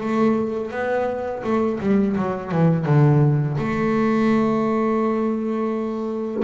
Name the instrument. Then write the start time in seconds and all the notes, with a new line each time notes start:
double bass
0.00 A3
0.71 B3
1.43 A3
1.80 G3
2.16 F#3
2.51 E3
2.85 D3
3.58 A3